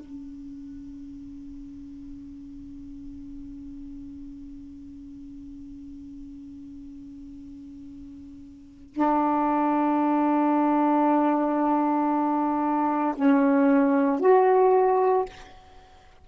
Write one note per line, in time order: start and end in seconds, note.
0.00 8.93 C#4
8.93 13.14 D4
13.15 14.20 C#4
14.20 15.25 F#4